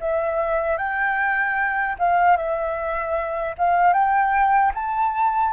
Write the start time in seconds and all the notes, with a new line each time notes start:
0.00 E5
0.78 G5
1.99 F5
2.36 E5
3.58 F5
3.93 G5
4.74 A5